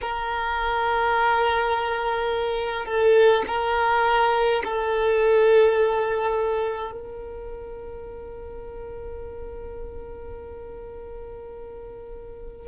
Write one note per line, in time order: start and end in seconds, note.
0.01 2.85 A#4
2.85 3.43 A4
3.47 4.62 A#4
4.64 6.91 A4
6.91 12.67 A#4